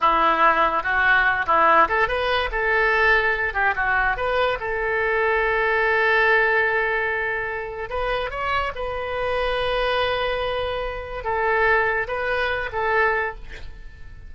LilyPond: \new Staff \with { instrumentName = "oboe" } { \time 4/4 \tempo 4 = 144 e'2 fis'4. e'8~ | e'8 a'8 b'4 a'2~ | a'8 g'8 fis'4 b'4 a'4~ | a'1~ |
a'2. b'4 | cis''4 b'2.~ | b'2. a'4~ | a'4 b'4. a'4. | }